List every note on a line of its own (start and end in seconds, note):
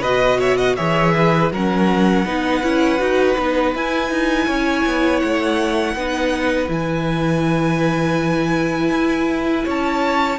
0.00 0.77 B2
0.00 0.77 F#4
0.00 0.37 B4
0.00 0.39 D#5
0.39 0.57 C#5
0.39 0.57 E5
0.57 0.75 D#5
0.57 0.75 F#5
0.75 1.51 E3
0.75 1.51 G#4
0.75 1.13 C#5
0.75 1.49 E5
1.15 1.52 B4
1.51 2.25 F#3
1.51 2.25 C#4
1.51 2.25 A#4
1.51 3.75 F#5
2.25 2.62 B3
2.25 2.62 D#4
2.25 4.47 B4
2.62 2.99 C#4
2.62 2.98 E4
2.98 3.36 D#4
2.98 3.35 F#4
3.38 3.74 B3
3.38 3.75 D#4
3.74 4.10 E4
3.74 5.97 E4
3.74 5.19 G#5
4.10 4.47 D#4
4.47 4.85 C#4
4.47 5.95 C#5
4.85 5.22 B3
5.19 5.94 A3
5.19 6.67 F#5
5.94 6.68 B3
5.94 6.67 D#4
5.94 9.65 B4
6.67 8.90 E3
6.67 10.37 E4
6.67 9.68 G#5
8.90 9.64 E4
9.65 10.38 C#4
9.65 10.38 C#5
9.65 10.38 A5